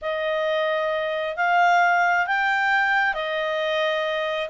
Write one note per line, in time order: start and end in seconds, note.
0.01 1.36 D#5
1.36 2.26 F5
2.27 3.14 G5
3.14 4.49 D#5